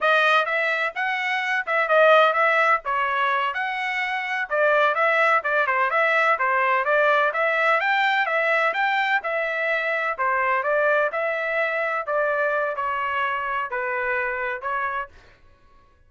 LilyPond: \new Staff \with { instrumentName = "trumpet" } { \time 4/4 \tempo 4 = 127 dis''4 e''4 fis''4. e''8 | dis''4 e''4 cis''4. fis''8~ | fis''4. d''4 e''4 d''8 | c''8 e''4 c''4 d''4 e''8~ |
e''8 g''4 e''4 g''4 e''8~ | e''4. c''4 d''4 e''8~ | e''4. d''4. cis''4~ | cis''4 b'2 cis''4 | }